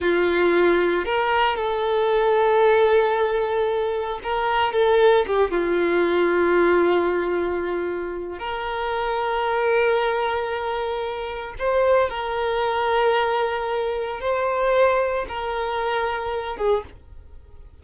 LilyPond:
\new Staff \with { instrumentName = "violin" } { \time 4/4 \tempo 4 = 114 f'2 ais'4 a'4~ | a'1 | ais'4 a'4 g'8 f'4.~ | f'1 |
ais'1~ | ais'2 c''4 ais'4~ | ais'2. c''4~ | c''4 ais'2~ ais'8 gis'8 | }